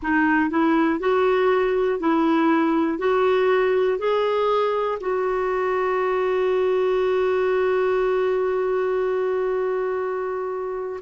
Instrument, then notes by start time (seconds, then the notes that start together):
clarinet
0.02 D#4
0.50 E4
0.99 F#4
1.99 E4
2.98 F#4
3.98 G#4
5.00 F#4